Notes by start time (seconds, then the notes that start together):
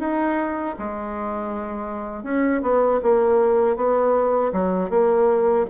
0.00 D#4
0.79 G#3
2.24 C#4
2.63 B3
3.03 A#3
3.77 B3
4.53 F#3
4.90 A#3